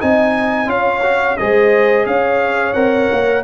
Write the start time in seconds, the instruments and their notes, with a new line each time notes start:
0.00 tuba C4, trombone D#4, horn D#5, trumpet G#5
0.66 tuba C#4, trombone F4, horn C#5, trumpet F5
1.02 trombone F#4
1.37 tuba G#3, trombone G#4, horn C5, trumpet D#5
2.05 tuba C#4, horn C#5, trumpet F5
2.73 tuba C4, trombone A#4, trumpet F#5
3.11 tuba A#3